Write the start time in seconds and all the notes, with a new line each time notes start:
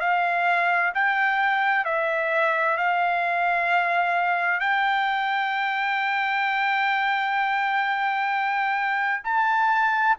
0.00 F5
0.94 G5
1.85 E5
2.77 F5
4.60 G5
9.24 A5